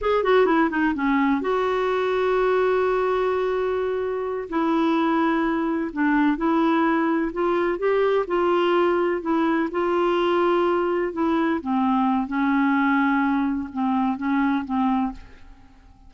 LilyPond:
\new Staff \with { instrumentName = "clarinet" } { \time 4/4 \tempo 4 = 127 gis'8 fis'8 e'8 dis'8 cis'4 fis'4~ | fis'1~ | fis'4. e'2~ e'8~ | e'8 d'4 e'2 f'8~ |
f'8 g'4 f'2 e'8~ | e'8 f'2. e'8~ | e'8 c'4. cis'2~ | cis'4 c'4 cis'4 c'4 | }